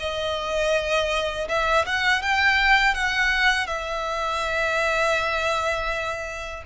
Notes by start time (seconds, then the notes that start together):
0.00 D#5
1.49 E5
1.87 F#5
2.22 G5
2.95 F#5
3.67 E5